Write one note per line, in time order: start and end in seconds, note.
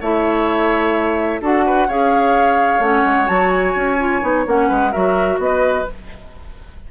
0.00 1.41 A3
0.00 1.41 E4
0.00 1.41 C#5
0.00 1.41 E5
1.41 1.88 D4
1.41 1.88 F#4
1.41 1.64 A4
1.41 1.90 F#5
1.66 1.87 B4
1.87 2.79 C#4
1.87 2.81 G#4
1.87 4.68 C#5
1.87 2.82 F5
2.79 3.02 A3
2.79 3.26 C#4
2.79 3.27 F#5
3.04 3.28 G#3
3.26 3.75 F#3
3.26 3.96 F#4
3.26 3.50 A5
3.50 4.44 G#5
3.75 4.22 C#4
3.98 4.21 F4
4.21 4.45 B3
4.21 4.44 D#4
4.46 4.70 A#3
4.46 4.92 C#4
4.46 4.92 F#5
4.68 4.93 G#3
4.68 4.91 B4
4.91 5.38 F#3
4.91 5.85 F#4
4.91 5.38 A#4
4.91 5.38 E5
5.38 5.85 B3
5.38 5.88 D#5
5.44 5.91 B4